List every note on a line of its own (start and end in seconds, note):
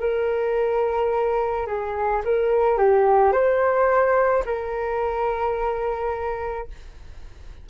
0.00 1.67 A#4
1.67 2.22 G#4
2.25 2.78 A#4
2.78 3.32 G4
3.32 4.43 C5
4.45 6.68 A#4